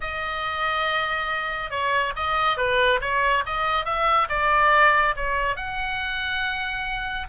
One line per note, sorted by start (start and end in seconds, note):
0.00 1.70 D#5
1.70 2.13 C#5
2.15 2.57 D#5
2.57 2.99 B4
3.01 3.43 C#5
3.46 3.85 D#5
3.85 4.28 E5
4.29 5.15 D5
5.15 5.56 C#5
5.56 7.27 F#5